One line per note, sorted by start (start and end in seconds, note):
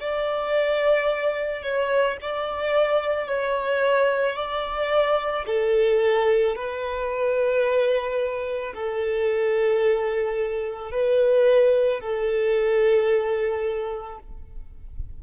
0.00 1.63 D5
1.63 2.17 C#5
2.21 3.27 D5
3.27 4.36 C#5
4.36 5.45 D5
5.46 6.56 A4
6.56 8.74 B4
8.74 10.91 A4
10.91 12.00 B4
12.00 14.18 A4